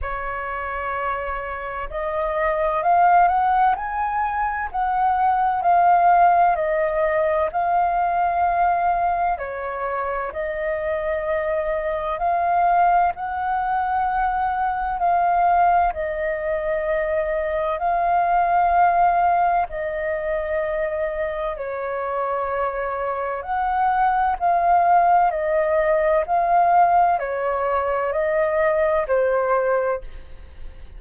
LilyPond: \new Staff \with { instrumentName = "flute" } { \time 4/4 \tempo 4 = 64 cis''2 dis''4 f''8 fis''8 | gis''4 fis''4 f''4 dis''4 | f''2 cis''4 dis''4~ | dis''4 f''4 fis''2 |
f''4 dis''2 f''4~ | f''4 dis''2 cis''4~ | cis''4 fis''4 f''4 dis''4 | f''4 cis''4 dis''4 c''4 | }